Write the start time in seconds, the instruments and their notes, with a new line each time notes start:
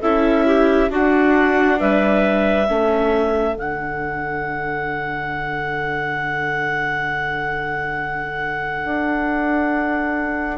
0.00 bassoon C#4, viola E4, clarinet A4 E5
0.46 clarinet G4
0.89 bassoon D4, viola D4, clarinet F#4 F#5
1.79 bassoon G3, clarinet B4 E5
2.66 bassoon A3, viola C#4, clarinet A4
3.54 bassoon D3, viola D4, clarinet F#5
8.85 bassoon D4